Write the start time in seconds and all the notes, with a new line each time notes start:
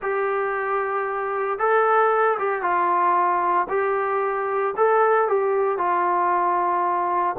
0.02 G4
1.58 A4
2.38 G4
2.62 F4
3.69 G4
4.76 A4
5.28 G4
5.78 F4